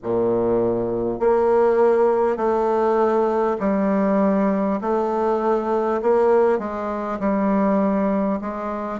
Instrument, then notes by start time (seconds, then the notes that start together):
bassoon
0.03 A#2
1.19 A#3
2.37 A3
3.59 G3
4.81 A3
6.02 A#3
6.58 G#3
7.19 G3
8.41 G#3